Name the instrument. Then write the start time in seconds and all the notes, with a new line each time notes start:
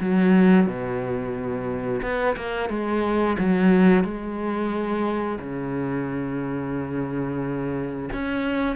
cello
0.00 F#3
0.66 B2
2.02 B3
2.36 A#3
2.69 G#3
3.39 F#3
4.04 G#3
5.40 C#3
8.13 C#4